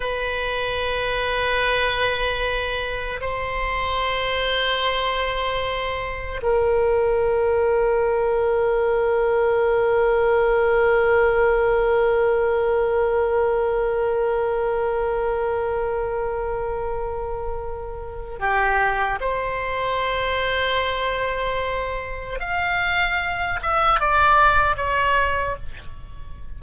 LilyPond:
\new Staff \with { instrumentName = "oboe" } { \time 4/4 \tempo 4 = 75 b'1 | c''1 | ais'1~ | ais'1~ |
ais'1~ | ais'2. g'4 | c''1 | f''4. e''8 d''4 cis''4 | }